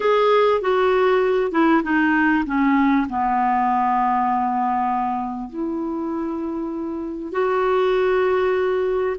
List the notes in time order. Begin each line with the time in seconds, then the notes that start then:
0.00 G#4
0.61 F#4
1.51 E4
1.83 D#4
2.46 C#4
3.09 B3
5.49 E4
7.32 F#4